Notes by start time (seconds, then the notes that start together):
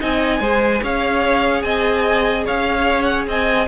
0.00 C4 D#4 D#5 G#5
0.40 G#3 G#4 C5
0.83 C#4 C#5 F5
1.62 C4 D#5 G#5
2.45 C#4 C#5 F5
3.03 F#5
3.27 C4 D#5 G#5